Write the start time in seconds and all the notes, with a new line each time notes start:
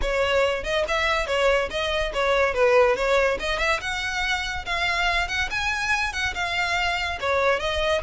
0.01 C#5
0.63 D#5
0.88 E5
1.27 C#5
1.70 D#5
2.13 C#5
2.54 B4
2.95 C#5
3.39 D#5
3.58 E5
3.80 F#5
4.65 F5
5.28 F#5
5.50 G#5
6.12 F#5
6.34 F5
7.20 C#5
7.59 D#5